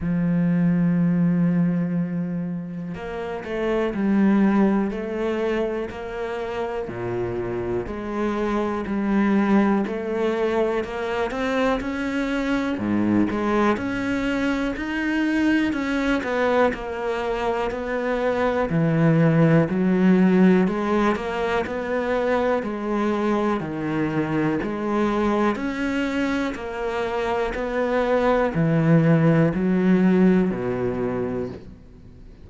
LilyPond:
\new Staff \with { instrumentName = "cello" } { \time 4/4 \tempo 4 = 61 f2. ais8 a8 | g4 a4 ais4 ais,4 | gis4 g4 a4 ais8 c'8 | cis'4 gis,8 gis8 cis'4 dis'4 |
cis'8 b8 ais4 b4 e4 | fis4 gis8 ais8 b4 gis4 | dis4 gis4 cis'4 ais4 | b4 e4 fis4 b,4 | }